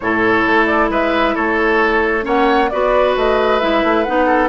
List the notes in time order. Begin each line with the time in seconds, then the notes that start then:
0.00 A2 E4 A4 C#5
0.46 A3
0.66 D5
0.89 G#3 B4 E5
1.34 A3 A4 C#5
2.23 A#3 C#4 C#5 F#5
2.69 B3 F#4 B4 D5
3.16 A3 D#5
3.59 G#3 E4 E5
3.83 A3
4.03 B3 D#4 F#5
4.25 A4